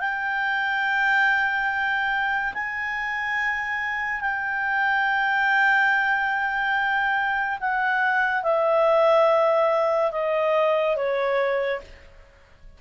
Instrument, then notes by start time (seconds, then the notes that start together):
clarinet
0.00 G5
2.54 G#5
4.21 G5
7.61 F#5
8.43 E5
10.12 D#5
10.96 C#5